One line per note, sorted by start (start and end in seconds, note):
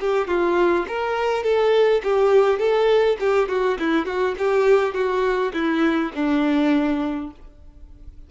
0.00 0.27 G4
0.27 0.86 F4
0.88 1.43 A#4
1.43 2.02 A4
2.03 2.59 G4
2.59 3.17 A4
3.20 3.48 G4
3.48 3.78 F#4
3.79 4.06 E4
4.06 4.35 F#4
4.38 4.94 G4
4.94 5.53 F#4
5.53 6.12 E4
6.14 7.31 D4